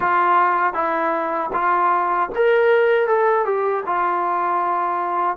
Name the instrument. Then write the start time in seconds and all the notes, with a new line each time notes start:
trombone
0.00 F4
0.73 E4
1.52 F4
2.35 A#4
3.07 A4
3.45 G4
3.85 F4